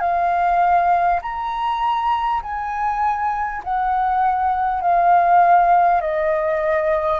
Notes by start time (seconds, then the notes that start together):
0.00 F5
1.22 A#5
2.42 G#5
3.63 F#5
4.81 F5
6.01 D#5